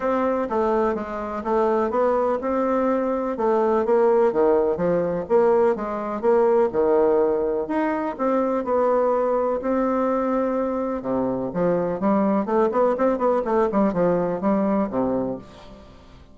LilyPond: \new Staff \with { instrumentName = "bassoon" } { \time 4/4 \tempo 4 = 125 c'4 a4 gis4 a4 | b4 c'2 a4 | ais4 dis4 f4 ais4 | gis4 ais4 dis2 |
dis'4 c'4 b2 | c'2. c4 | f4 g4 a8 b8 c'8 b8 | a8 g8 f4 g4 c4 | }